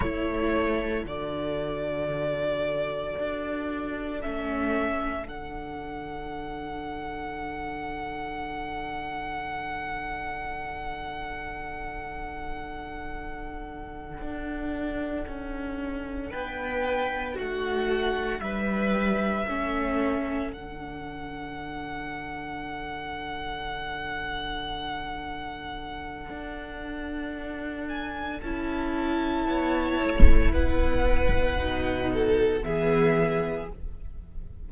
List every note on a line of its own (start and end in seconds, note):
0.00 1.04 A3
0.00 1.06 E4
0.00 16.30 A4
0.00 1.04 C#5
1.04 3.14 D3
1.04 4.21 F#4
1.04 4.21 D5
3.18 4.24 D4
4.21 5.28 A3
4.21 5.24 C#4
4.21 5.26 E5
5.24 14.21 D3
5.24 19.45 D4
5.24 16.31 F#5
14.21 15.26 D4
15.27 16.32 C#4
16.30 17.39 B3
16.30 17.34 B4
16.30 17.37 G5
17.34 18.39 A3
17.34 18.39 F#4
17.34 18.40 F#5
18.39 19.44 G3
18.39 19.46 B4
18.39 20.50 E5
19.46 20.52 A3
19.46 20.53 C#4
19.46 29.46 A4
20.52 26.29 D3
20.52 28.42 D4
20.52 27.88 F#5
26.29 28.40 D4
27.88 28.40 G#5
28.41 29.47 C#4
28.41 31.56 E4
28.41 30.51 A5
29.47 30.00 B3
29.47 30.52 C#5
30.03 30.53 A3
30.52 31.57 B3
30.52 32.10 B4
30.52 32.63 F#5
31.56 32.62 B2
31.56 32.60 D#4
32.13 32.65 A4
32.60 33.67 E3
32.60 33.65 B3
32.60 33.71 G#4
32.60 33.68 E5